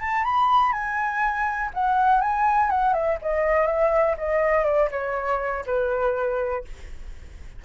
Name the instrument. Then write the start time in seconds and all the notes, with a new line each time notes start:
flute
0.00 A5
0.24 B5
0.72 G#5
1.74 F#5
2.21 G#5
2.70 F#5
2.93 E5
3.22 D#5
3.67 E5
4.17 D#5
4.65 D5
4.91 C#5
5.66 B4